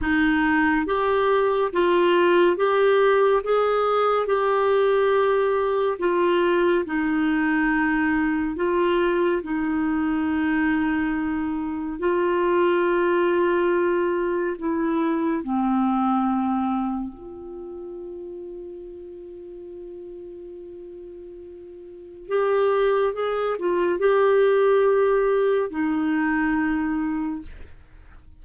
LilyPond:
\new Staff \with { instrumentName = "clarinet" } { \time 4/4 \tempo 4 = 70 dis'4 g'4 f'4 g'4 | gis'4 g'2 f'4 | dis'2 f'4 dis'4~ | dis'2 f'2~ |
f'4 e'4 c'2 | f'1~ | f'2 g'4 gis'8 f'8 | g'2 dis'2 | }